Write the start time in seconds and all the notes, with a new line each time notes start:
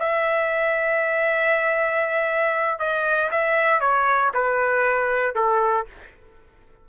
0.00 E5
2.79 D#5
3.32 E5
3.81 C#5
4.34 B4
5.36 A4